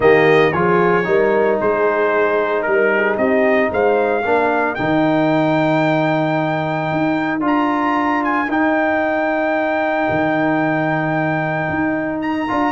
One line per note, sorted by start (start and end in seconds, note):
0.00 0.53 D#3
0.00 0.52 A#3
0.00 0.55 G4
0.00 0.52 D#5
0.52 1.06 F3
0.52 1.04 F4
0.52 1.07 G#4
0.52 1.58 C#5
1.04 1.59 G3
1.04 4.22 D#4
1.04 1.60 A#4
1.60 2.67 G#3
1.60 2.66 G#4
1.60 2.62 C5
2.62 3.17 G3
2.62 3.15 A#4
2.62 2.93 A#4
2.96 3.18 G#4
3.17 3.70 C4
3.17 3.71 G4
3.17 3.70 D#5
3.71 4.24 G#3
3.71 4.24 C5
3.71 4.74 F5
4.24 4.78 A#3
4.24 4.77 D4
4.24 12.71 A#4
4.74 6.91 D#3
4.74 7.40 D#4
4.74 7.40 G5
6.91 7.40 D#4
7.40 8.47 D4
7.40 8.46 F4
7.46 8.24 A#5
8.24 8.50 G#5
8.48 10.07 D#4
8.48 12.48 D#4
8.48 12.21 G5
10.09 11.69 D#3
11.69 12.48 D#4
12.21 12.71 A#5
12.48 12.71 D4
12.48 12.71 F4